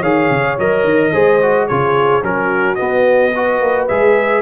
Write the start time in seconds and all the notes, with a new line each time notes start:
0.00 D#3 G#4 C#5 F5
0.30 C#3
0.59 F#3 A#4 D#5
0.84 D#3
1.12 G#3 G#4 C5
1.42 F#4
1.67 C#3 F4 G#4 C#5
2.22 F#3 C#4 F#4 A#4
2.75 B3 D#5
3.35 F#4 B4
3.61 A#3
3.87 G#3 G#4 E5